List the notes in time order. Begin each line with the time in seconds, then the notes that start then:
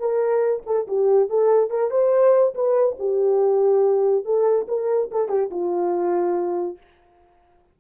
0.00 A#4
0.66 A4
0.88 G4
1.30 A4
1.71 A#4
1.91 C5
2.55 B4
2.99 G4
4.25 A4
4.68 A#4
5.11 A4
5.29 G4
5.51 F4